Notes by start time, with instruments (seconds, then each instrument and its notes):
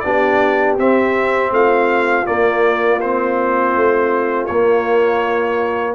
0.00 tuba B3, trombone D4, horn G4, trumpet D5
0.78 tuba C4, trombone C4, trumpet E5
1.51 tuba A3, horn F4, trumpet F5
2.26 trombone A#3, tuba A#3, trumpet D5
3.01 trombone C4, trumpet C5
3.75 tuba A3
4.46 tuba A#3, trombone A#3, trumpet C#5